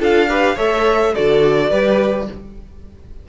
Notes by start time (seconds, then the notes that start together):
0.00 D4 F4 A4 F5
0.29 G4 B4
0.55 A3 A4 C#5 E5
1.15 D3 F#4 A4 D5
1.70 G3 G4 B4